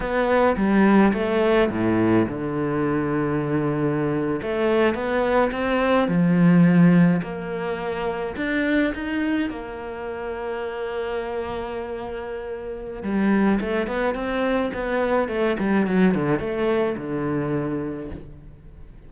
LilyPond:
\new Staff \with { instrumentName = "cello" } { \time 4/4 \tempo 4 = 106 b4 g4 a4 a,4 | d2.~ d8. a16~ | a8. b4 c'4 f4~ f16~ | f8. ais2 d'4 dis'16~ |
dis'8. ais2.~ ais16~ | ais2. g4 | a8 b8 c'4 b4 a8 g8 | fis8 d8 a4 d2 | }